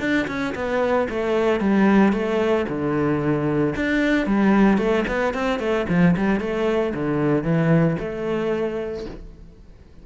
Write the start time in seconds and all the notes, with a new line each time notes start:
0.00 D4
0.27 C#4
0.55 B3
1.10 A3
1.60 G3
2.13 A3
2.69 D3
3.76 D4
4.26 G3
4.78 A3
5.08 B3
5.34 C4
5.59 A3
5.89 F3
6.17 G3
6.40 A3
6.94 D3
7.44 E3
7.99 A3